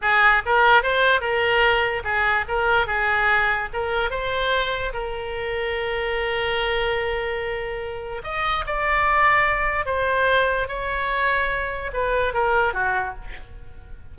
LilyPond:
\new Staff \with { instrumentName = "oboe" } { \time 4/4 \tempo 4 = 146 gis'4 ais'4 c''4 ais'4~ | ais'4 gis'4 ais'4 gis'4~ | gis'4 ais'4 c''2 | ais'1~ |
ais'1 | dis''4 d''2. | c''2 cis''2~ | cis''4 b'4 ais'4 fis'4 | }